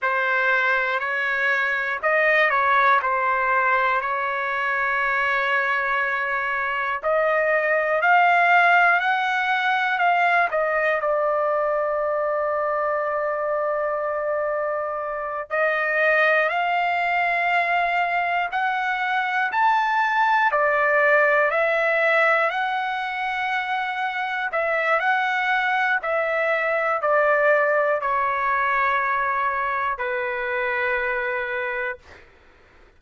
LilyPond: \new Staff \with { instrumentName = "trumpet" } { \time 4/4 \tempo 4 = 60 c''4 cis''4 dis''8 cis''8 c''4 | cis''2. dis''4 | f''4 fis''4 f''8 dis''8 d''4~ | d''2.~ d''8 dis''8~ |
dis''8 f''2 fis''4 a''8~ | a''8 d''4 e''4 fis''4.~ | fis''8 e''8 fis''4 e''4 d''4 | cis''2 b'2 | }